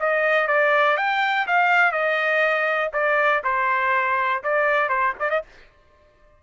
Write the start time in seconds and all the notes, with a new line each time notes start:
0.00 D#5
0.48 D5
0.97 G5
1.47 F5
1.92 D#5
2.93 D5
3.44 C5
4.44 D5
4.89 C5
5.20 D5
5.30 D#5